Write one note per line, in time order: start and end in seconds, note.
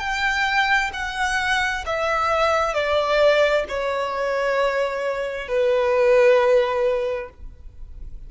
0.00 0.91 G5
0.93 1.84 F#5
1.86 2.74 E5
2.74 3.65 D5
3.69 5.48 C#5
5.48 7.30 B4